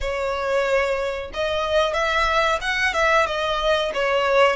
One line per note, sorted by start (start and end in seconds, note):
0.00 1.31 C#5
1.33 1.93 D#5
1.93 2.58 E5
2.61 2.93 F#5
2.93 3.26 E5
3.26 3.91 D#5
3.93 4.56 C#5